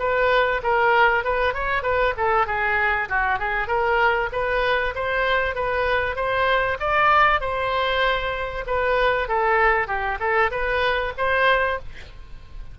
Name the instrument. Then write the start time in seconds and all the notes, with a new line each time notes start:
oboe
0.00 B4
0.64 A#4
1.25 B4
1.54 C#5
1.83 B4
2.18 A4
2.47 G#4
3.10 F#4
3.40 G#4
3.68 A#4
4.33 B4
4.95 C5
5.55 B4
6.16 C5
6.80 D5
7.41 C5
8.67 B4
9.29 A4
9.88 G4
10.20 A4
10.52 B4
11.18 C5